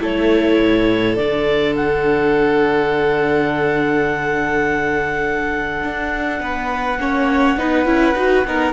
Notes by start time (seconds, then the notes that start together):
0.00 A3 E4 A4 C#5
0.60 A2
1.16 D3 D4 D5
1.75 F#5
5.83 D4
6.40 B3 B4
6.98 A#3 C#4 C#5
7.57 B3 D#4 B4
7.85 C#4 E4
8.14 D#4 F#4
8.45 B3 D#4 A#4